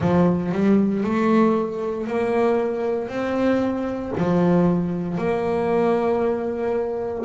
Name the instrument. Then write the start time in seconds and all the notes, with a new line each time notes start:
double bass
0.00 F3
0.52 G3
1.03 A3
2.07 A#3
3.08 C4
4.17 F3
5.17 A#3